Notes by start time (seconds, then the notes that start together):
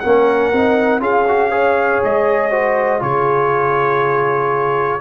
0.00 A#3 C#4 A#4 F#5
0.53 C4 D#4
1.00 C#4 F4 G#4 F5
1.28 F#4
1.51 G#4 C#5
2.04 G#3 D#5
2.51 F#4 C5
3.00 C#3 F4 G#4 C#5